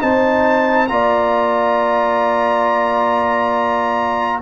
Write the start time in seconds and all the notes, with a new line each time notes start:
0.00 C4 D#4 C5 A5
0.87 A#3 F4 D5 A#5